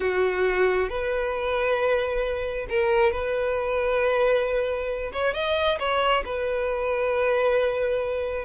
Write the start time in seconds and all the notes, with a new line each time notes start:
0.00 F#4
0.89 B4
2.69 A#4
3.12 B4
5.12 C#5
5.34 D#5
5.79 C#5
6.25 B4